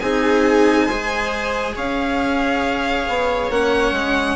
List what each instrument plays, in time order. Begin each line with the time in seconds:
0.00 bassoon C4, cello D#4, viola G#4, violin G#5
0.86 bassoon G#3, cello G#4, viola C5
1.76 bassoon C#4, viola C#5, violin F5
3.08 bassoon B3
3.50 bassoon A#3, cello C#4, violin F#5
3.91 bassoon G#3